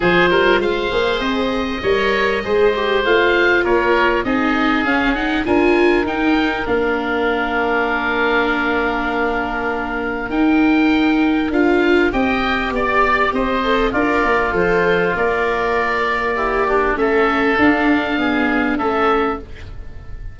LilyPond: <<
  \new Staff \with { instrumentName = "oboe" } { \time 4/4 \tempo 4 = 99 c''4 f''4 dis''2~ | dis''4 f''4 cis''4 dis''4 | f''8 fis''8 gis''4 g''4 f''4~ | f''1~ |
f''4 g''2 f''4 | g''4 d''4 dis''4 d''4 | c''4 d''2. | e''4 f''2 e''4 | }
  \new Staff \with { instrumentName = "oboe" } { \time 4/4 gis'8 ais'8 c''2 cis''4 | c''2 ais'4 gis'4~ | gis'4 ais'2.~ | ais'1~ |
ais'1 | dis''4 d''4 c''4 f'4~ | f'2. e'8 d'8 | a'2 gis'4 a'4 | }
  \new Staff \with { instrumentName = "viola" } { \time 4/4 f'4. gis'4. ais'4 | gis'8 g'8 f'2 dis'4 | cis'8 dis'8 f'4 dis'4 d'4~ | d'1~ |
d'4 dis'2 f'4 | g'2~ g'8 a'8 ais'4 | a'4 ais'2 g'4 | cis'4 d'4 b4 cis'4 | }
  \new Staff \with { instrumentName = "tuba" } { \time 4/4 f8 g8 gis8 ais8 c'4 g4 | gis4 a4 ais4 c'4 | cis'4 d'4 dis'4 ais4~ | ais1~ |
ais4 dis'2 d'4 | c'4 b4 c'4 d'8 ais8 | f4 ais2. | a4 d'2 a4 | }
>>